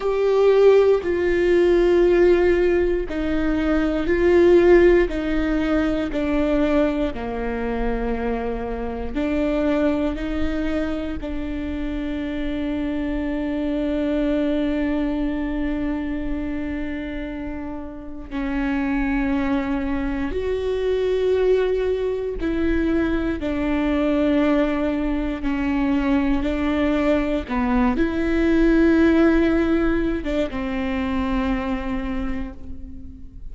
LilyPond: \new Staff \with { instrumentName = "viola" } { \time 4/4 \tempo 4 = 59 g'4 f'2 dis'4 | f'4 dis'4 d'4 ais4~ | ais4 d'4 dis'4 d'4~ | d'1~ |
d'2 cis'2 | fis'2 e'4 d'4~ | d'4 cis'4 d'4 b8 e'8~ | e'4.~ e'16 d'16 c'2 | }